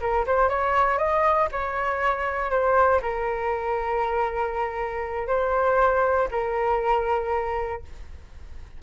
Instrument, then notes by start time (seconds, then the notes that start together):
flute
0.00 A#4
0.26 C5
0.49 C#5
0.98 D#5
1.52 C#5
2.51 C5
3.02 A#4
5.27 C5
6.31 A#4